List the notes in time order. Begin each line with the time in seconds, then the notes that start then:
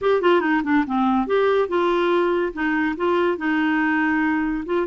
0.01 G4
0.21 F4
0.41 D#4
0.63 D4
0.86 C4
1.27 G4
1.68 F4
2.53 D#4
2.97 F4
3.37 D#4
4.65 F4